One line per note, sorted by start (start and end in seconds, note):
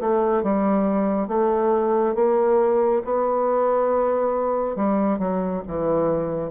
0.00 0.43 A3
0.43 1.28 G3
1.28 2.15 A3
2.15 3.02 A#3
3.04 4.76 B3
4.76 5.18 G3
5.18 5.62 F#3
5.67 6.51 E3